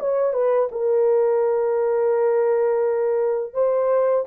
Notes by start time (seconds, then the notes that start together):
0.00 C#5
0.33 B4
0.72 A#4
3.54 C5